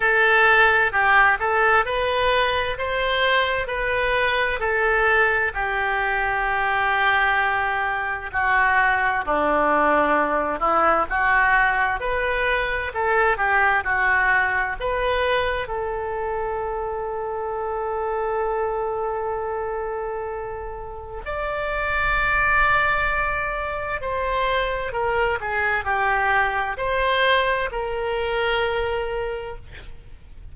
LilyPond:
\new Staff \with { instrumentName = "oboe" } { \time 4/4 \tempo 4 = 65 a'4 g'8 a'8 b'4 c''4 | b'4 a'4 g'2~ | g'4 fis'4 d'4. e'8 | fis'4 b'4 a'8 g'8 fis'4 |
b'4 a'2.~ | a'2. d''4~ | d''2 c''4 ais'8 gis'8 | g'4 c''4 ais'2 | }